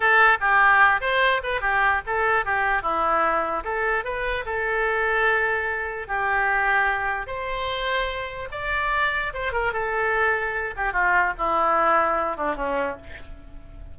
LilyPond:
\new Staff \with { instrumentName = "oboe" } { \time 4/4 \tempo 4 = 148 a'4 g'4. c''4 b'8 | g'4 a'4 g'4 e'4~ | e'4 a'4 b'4 a'4~ | a'2. g'4~ |
g'2 c''2~ | c''4 d''2 c''8 ais'8 | a'2~ a'8 g'8 f'4 | e'2~ e'8 d'8 cis'4 | }